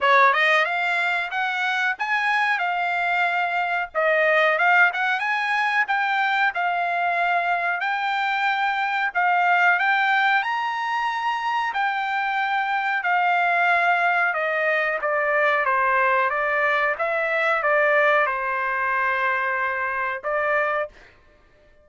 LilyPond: \new Staff \with { instrumentName = "trumpet" } { \time 4/4 \tempo 4 = 92 cis''8 dis''8 f''4 fis''4 gis''4 | f''2 dis''4 f''8 fis''8 | gis''4 g''4 f''2 | g''2 f''4 g''4 |
ais''2 g''2 | f''2 dis''4 d''4 | c''4 d''4 e''4 d''4 | c''2. d''4 | }